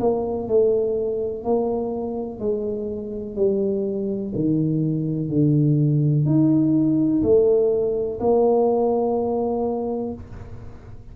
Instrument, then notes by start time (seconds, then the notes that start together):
tuba
0.00 A#3
0.48 A3
1.44 A#3
2.40 G#3
3.36 G3
4.35 D#3
5.29 D3
6.26 D#4
7.23 A3
8.20 A#3